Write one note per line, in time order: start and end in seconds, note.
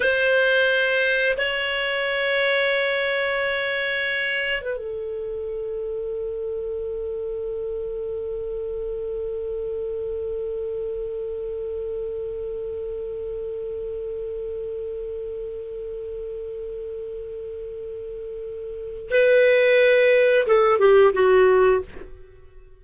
0.00 1.36 C5
1.37 4.61 C#5
4.61 4.77 B4
4.77 19.09 A4
19.10 20.46 B4
20.46 20.79 A4
20.79 21.13 G4
21.13 21.81 F#4